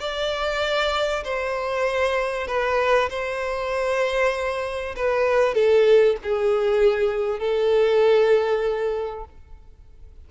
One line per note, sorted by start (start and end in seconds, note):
0.00 1.24 D5
1.24 2.47 C5
2.47 3.09 B4
3.10 4.95 C5
4.96 5.55 B4
5.55 6.17 A4
6.23 7.39 G#4
7.39 9.25 A4